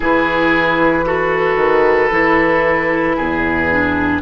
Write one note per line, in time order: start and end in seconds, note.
0.00 1.56 E3
0.00 1.03 E4
0.00 1.05 G#4
0.00 4.22 B4
1.05 2.10 F#4
1.05 3.16 A4
1.56 2.09 D#3
2.10 3.16 E3
2.10 3.68 E4
3.16 4.22 E2
3.16 4.21 G#4
3.71 4.22 D4